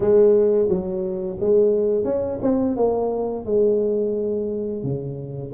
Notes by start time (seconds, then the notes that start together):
0.00 G#3
0.68 F#3
1.40 G#3
2.04 C#4
2.42 C4
2.76 A#3
3.45 G#3
4.83 C#3